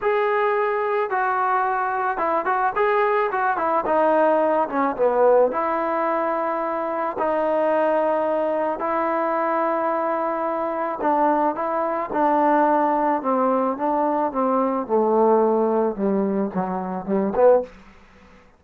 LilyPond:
\new Staff \with { instrumentName = "trombone" } { \time 4/4 \tempo 4 = 109 gis'2 fis'2 | e'8 fis'8 gis'4 fis'8 e'8 dis'4~ | dis'8 cis'8 b4 e'2~ | e'4 dis'2. |
e'1 | d'4 e'4 d'2 | c'4 d'4 c'4 a4~ | a4 g4 fis4 g8 b8 | }